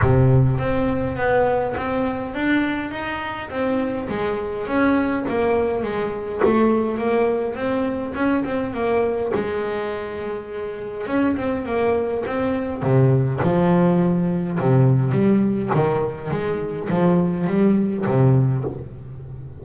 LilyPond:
\new Staff \with { instrumentName = "double bass" } { \time 4/4 \tempo 4 = 103 c4 c'4 b4 c'4 | d'4 dis'4 c'4 gis4 | cis'4 ais4 gis4 a4 | ais4 c'4 cis'8 c'8 ais4 |
gis2. cis'8 c'8 | ais4 c'4 c4 f4~ | f4 c4 g4 dis4 | gis4 f4 g4 c4 | }